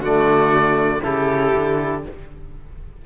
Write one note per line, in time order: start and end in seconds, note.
0.00 1.01 D3
0.00 1.02 A3
0.00 1.02 F#4
0.00 1.03 D5
1.02 1.55 C#3
1.02 2.03 E4
1.02 2.05 G4
1.02 2.04 A4
1.55 2.06 D3